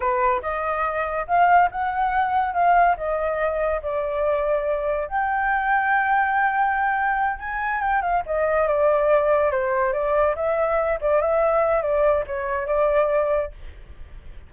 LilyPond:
\new Staff \with { instrumentName = "flute" } { \time 4/4 \tempo 4 = 142 b'4 dis''2 f''4 | fis''2 f''4 dis''4~ | dis''4 d''2. | g''1~ |
g''4. gis''4 g''8 f''8 dis''8~ | dis''8 d''2 c''4 d''8~ | d''8 e''4. d''8 e''4. | d''4 cis''4 d''2 | }